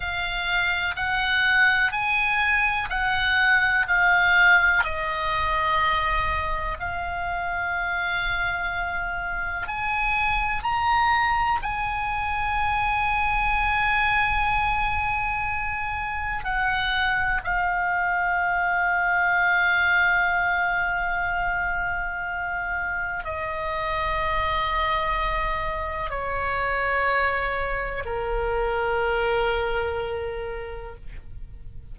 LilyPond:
\new Staff \with { instrumentName = "oboe" } { \time 4/4 \tempo 4 = 62 f''4 fis''4 gis''4 fis''4 | f''4 dis''2 f''4~ | f''2 gis''4 ais''4 | gis''1~ |
gis''4 fis''4 f''2~ | f''1 | dis''2. cis''4~ | cis''4 ais'2. | }